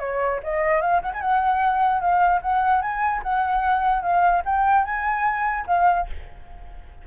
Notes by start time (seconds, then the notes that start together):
0.00 C#5
0.44 D#5
0.82 F5
1.02 F#5
1.14 G#5
1.21 F#5
2.01 F5
2.42 F#5
2.82 G#5
3.23 F#5
4.02 F5
4.46 G5
4.85 G#5
5.67 F5